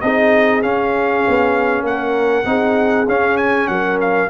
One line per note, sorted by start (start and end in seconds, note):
0.00 0.63 C4
0.00 0.62 D#4
0.00 1.86 G#4
0.00 0.61 D#5
0.62 2.45 C#4
0.62 1.24 C#4
0.62 1.85 F5
1.27 1.82 B3
1.82 2.43 A#3
1.82 2.47 A#4
1.82 3.08 F#5
2.45 3.06 C4
2.45 3.06 D#4
2.45 3.70 G#4
3.07 3.68 C#4
3.07 4.30 C#4
3.07 3.37 F5
3.37 3.67 G#5
3.67 4.29 F#3
3.67 4.30 A#4
3.67 3.97 F#5
4.00 4.30 F5